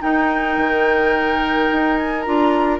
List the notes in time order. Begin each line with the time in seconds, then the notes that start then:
0.00 D#4 A#4 G5
0.57 D#3
1.72 D#4
1.98 G#5
2.21 D4 F4 A#5